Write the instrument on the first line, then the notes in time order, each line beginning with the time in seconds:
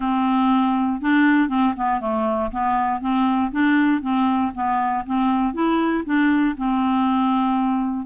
clarinet
0.00 C4
1.01 D4
1.48 C4
1.76 B3
2.00 A3
2.51 B3
3.00 C4
3.51 D4
4.01 C4
4.54 B3
5.06 C4
5.53 E4
6.05 D4
6.57 C4